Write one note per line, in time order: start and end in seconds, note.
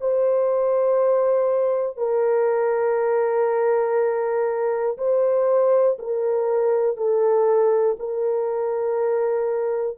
0.00 1.97 C5
1.97 4.97 A#4
4.97 5.97 C5
5.98 6.97 A#4
6.97 7.97 A4
7.99 9.98 A#4